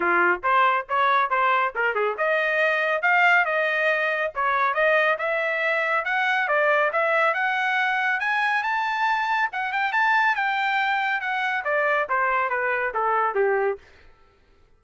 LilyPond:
\new Staff \with { instrumentName = "trumpet" } { \time 4/4 \tempo 4 = 139 f'4 c''4 cis''4 c''4 | ais'8 gis'8 dis''2 f''4 | dis''2 cis''4 dis''4 | e''2 fis''4 d''4 |
e''4 fis''2 gis''4 | a''2 fis''8 g''8 a''4 | g''2 fis''4 d''4 | c''4 b'4 a'4 g'4 | }